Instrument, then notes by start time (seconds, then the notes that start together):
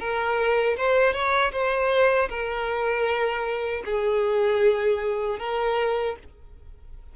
violin
0.00 A#4
0.77 C5
1.14 C#5
1.52 C5
2.30 A#4
3.86 G#4
5.40 A#4